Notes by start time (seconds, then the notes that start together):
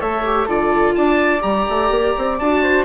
0.00 A3 A4 C#5 E5
0.24 G4
0.45 D3 F4 A4 D5
0.94 D4 D5 A5
1.40 G3 G4 A#5
1.68 A3
1.90 A#3
2.17 C4
2.39 D4 F#4 A5
2.62 C5